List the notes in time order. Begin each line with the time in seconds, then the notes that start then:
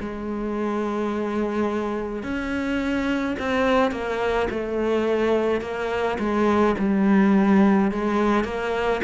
0.00 G#3
2.23 C#4
3.39 C4
3.92 A#3
4.50 A3
5.61 A#3
6.19 G#3
6.79 G3
7.91 G#3
8.44 A#3